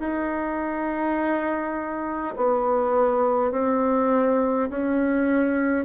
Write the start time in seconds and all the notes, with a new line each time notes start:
0.00 D#4
2.37 B3
3.52 C4
4.71 C#4